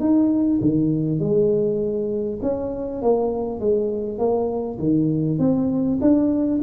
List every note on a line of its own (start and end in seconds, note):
0.00 0.60 D#4
0.61 1.19 D#3
1.19 2.39 G#3
2.42 3.02 C#4
3.02 3.60 A#3
3.60 4.18 G#3
4.18 4.78 A#3
4.79 5.39 D#3
5.39 5.99 C4
6.01 6.61 D4